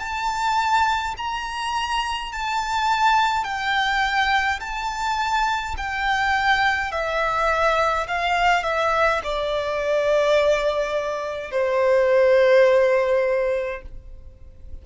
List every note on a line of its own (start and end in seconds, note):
0.00 1.15 A5
1.17 2.33 A#5
2.33 3.45 A5
3.45 4.60 G5
4.60 5.76 A5
5.77 6.92 G5
6.92 8.07 E5
8.08 8.64 F5
8.64 9.22 E5
9.24 11.52 D5
11.52 13.83 C5